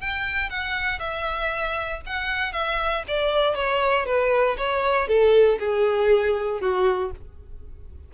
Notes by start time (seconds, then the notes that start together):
0.00 G5
0.49 F#5
0.99 E5
2.06 F#5
2.52 E5
3.07 D5
3.55 C#5
4.05 B4
4.57 C#5
5.07 A4
5.59 G#4
6.60 F#4